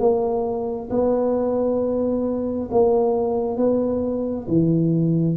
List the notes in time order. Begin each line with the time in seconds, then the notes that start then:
0.00 A#3
0.90 B3
2.72 A#3
3.57 B3
4.48 E3